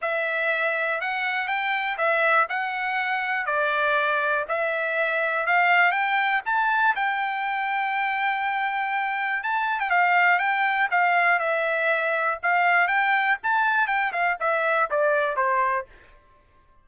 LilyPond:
\new Staff \with { instrumentName = "trumpet" } { \time 4/4 \tempo 4 = 121 e''2 fis''4 g''4 | e''4 fis''2 d''4~ | d''4 e''2 f''4 | g''4 a''4 g''2~ |
g''2. a''8. g''16 | f''4 g''4 f''4 e''4~ | e''4 f''4 g''4 a''4 | g''8 f''8 e''4 d''4 c''4 | }